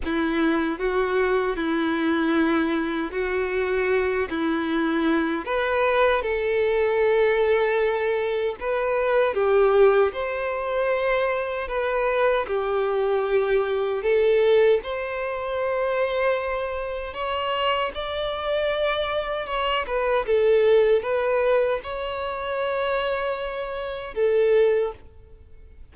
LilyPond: \new Staff \with { instrumentName = "violin" } { \time 4/4 \tempo 4 = 77 e'4 fis'4 e'2 | fis'4. e'4. b'4 | a'2. b'4 | g'4 c''2 b'4 |
g'2 a'4 c''4~ | c''2 cis''4 d''4~ | d''4 cis''8 b'8 a'4 b'4 | cis''2. a'4 | }